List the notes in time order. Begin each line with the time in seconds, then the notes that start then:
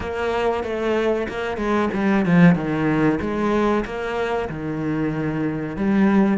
0.00 A#3
0.63 A3
1.28 A#3
1.57 G#3
1.93 G3
2.25 F3
2.55 D#3
3.20 G#3
3.85 A#3
4.49 D#3
5.76 G3